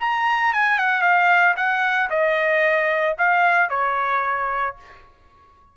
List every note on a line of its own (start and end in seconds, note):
0.00 0.53 A#5
0.53 0.78 G#5
0.78 1.01 F#5
1.01 1.54 F5
1.56 2.09 F#5
2.10 3.16 D#5
3.18 3.70 F5
3.70 4.76 C#5